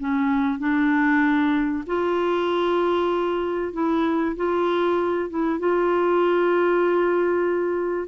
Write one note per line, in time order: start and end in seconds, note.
0.00 0.59 C#4
0.59 1.84 D4
1.87 3.74 F4
3.74 4.36 E4
4.36 5.30 F4
5.30 5.60 E4
5.60 8.09 F4